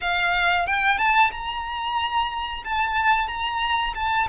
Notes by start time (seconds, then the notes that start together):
0.01 F5
0.66 G5
0.97 A5
1.31 A#5
2.64 A5
3.27 A#5
3.94 A5